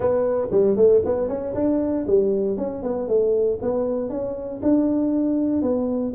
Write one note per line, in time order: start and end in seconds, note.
0.00 0.48 B3
0.51 0.76 G3
0.76 1.02 A3
1.05 1.28 B3
1.28 1.54 C#4
1.54 2.05 D4
2.07 2.57 G3
2.57 2.82 C#4
2.82 3.08 B3
3.08 3.59 A3
3.61 4.09 B3
4.09 4.60 C#4
4.62 5.62 D4
5.62 6.13 B3